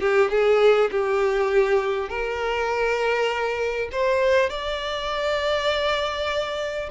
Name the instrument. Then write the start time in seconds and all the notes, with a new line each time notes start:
violin
0.00 G4
0.30 G#4
0.91 G4
2.09 A#4
3.92 C5
4.49 D5